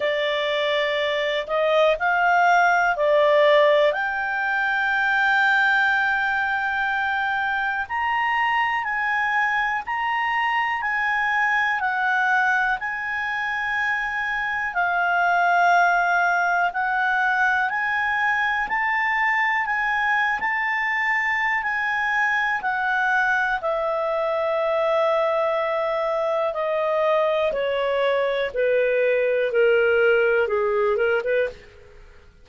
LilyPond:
\new Staff \with { instrumentName = "clarinet" } { \time 4/4 \tempo 4 = 61 d''4. dis''8 f''4 d''4 | g''1 | ais''4 gis''4 ais''4 gis''4 | fis''4 gis''2 f''4~ |
f''4 fis''4 gis''4 a''4 | gis''8. a''4~ a''16 gis''4 fis''4 | e''2. dis''4 | cis''4 b'4 ais'4 gis'8 ais'16 b'16 | }